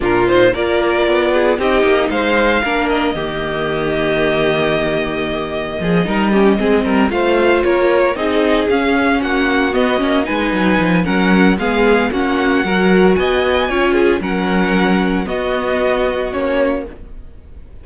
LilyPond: <<
  \new Staff \with { instrumentName = "violin" } { \time 4/4 \tempo 4 = 114 ais'8 c''8 d''2 dis''4 | f''4. dis''2~ dis''8~ | dis''1~ | dis''4. f''4 cis''4 dis''8~ |
dis''8 f''4 fis''4 dis''4 gis''8~ | gis''4 fis''4 f''4 fis''4~ | fis''4 gis''2 fis''4~ | fis''4 dis''2 cis''4 | }
  \new Staff \with { instrumentName = "violin" } { \time 4/4 f'4 ais'4. gis'8 g'4 | c''4 ais'4 g'2~ | g'2. gis'8 ais'8 | g'8 gis'8 ais'8 c''4 ais'4 gis'8~ |
gis'4. fis'2 b'8~ | b'4 ais'4 gis'4 fis'4 | ais'4 dis''4 cis''8 gis'8 ais'4~ | ais'4 fis'2. | }
  \new Staff \with { instrumentName = "viola" } { \time 4/4 d'8 dis'8 f'2 dis'4~ | dis'4 d'4 ais2~ | ais2.~ ais8 dis'8 | cis'8 c'4 f'2 dis'8~ |
dis'8 cis'2 b8 cis'8 dis'8~ | dis'4 cis'4 b4 cis'4 | fis'2 f'4 cis'4~ | cis'4 b2 cis'4 | }
  \new Staff \with { instrumentName = "cello" } { \time 4/4 ais,4 ais4 b4 c'8 ais8 | gis4 ais4 dis2~ | dis2. f8 g8~ | g8 gis8 g8 a4 ais4 c'8~ |
c'8 cis'4 ais4 b8 ais8 gis8 | fis8 f8 fis4 gis4 ais4 | fis4 b4 cis'4 fis4~ | fis4 b2 ais4 | }
>>